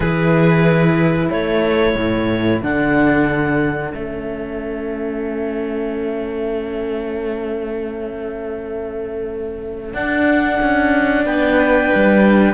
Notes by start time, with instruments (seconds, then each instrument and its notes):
0.00 cello E3 E4, violin G#4, clarinet B4
1.30 cello A3, violin A4, clarinet C#5
1.95 cello A2
2.62 cello D3 D4, clarinet F#5
3.92 cello A3 C#4, clarinet E5
9.93 cello D4, clarinet F#5
10.61 cello C#4
11.25 cello B3, violin B4, clarinet G5
11.95 cello G3